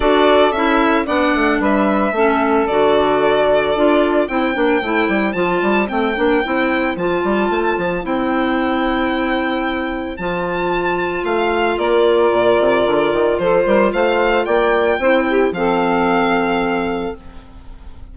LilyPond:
<<
  \new Staff \with { instrumentName = "violin" } { \time 4/4 \tempo 4 = 112 d''4 e''4 fis''4 e''4~ | e''4 d''2. | g''2 a''4 g''4~ | g''4 a''2 g''4~ |
g''2. a''4~ | a''4 f''4 d''2~ | d''4 c''4 f''4 g''4~ | g''4 f''2. | }
  \new Staff \with { instrumentName = "saxophone" } { \time 4/4 a'2 d''4 b'4 | a'1 | c''1~ | c''1~ |
c''1~ | c''2 ais'2~ | ais'4 a'8 ais'8 c''4 d''4 | c''8 g'8 a'2. | }
  \new Staff \with { instrumentName = "clarinet" } { \time 4/4 fis'4 e'4 d'2 | cis'4 fis'2 f'4 | e'8 d'8 e'4 f'4 c'8 d'8 | e'4 f'2 e'4~ |
e'2. f'4~ | f'1~ | f'1 | e'4 c'2. | }
  \new Staff \with { instrumentName = "bassoon" } { \time 4/4 d'4 cis'4 b8 a8 g4 | a4 d2 d'4 | c'8 ais8 a8 g8 f8 g8 a8 ais8 | c'4 f8 g8 a8 f8 c'4~ |
c'2. f4~ | f4 a4 ais4 ais,8 c8 | d8 dis8 f8 g8 a4 ais4 | c'4 f2. | }
>>